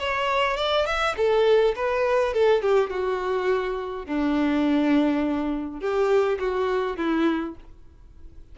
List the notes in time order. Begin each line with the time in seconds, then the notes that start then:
0.00 C#5
0.57 D5
0.87 E5
1.17 A4
1.76 B4
2.34 A4
2.62 G4
2.90 F#4
4.06 D4
5.81 G4
6.39 F#4
6.97 E4